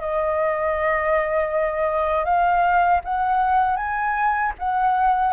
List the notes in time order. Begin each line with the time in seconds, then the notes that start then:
0.00 D#5
2.25 F5
3.04 F#5
3.76 G#5
4.58 F#5